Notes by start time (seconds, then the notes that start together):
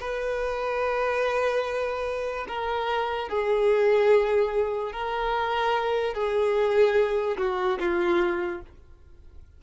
0.00 B4
2.48 A#4
3.29 G#4
4.92 A#4
6.14 G#4
7.38 F#4
7.79 F4